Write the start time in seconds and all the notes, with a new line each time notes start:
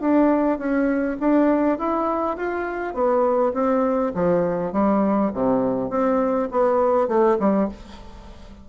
0.00 D4
0.58 C#4
1.20 D4
1.78 E4
2.36 F4
2.93 B3
3.53 C4
4.14 F3
4.72 G3
5.33 C3
5.90 C4
6.51 B3
7.07 A3
7.39 G3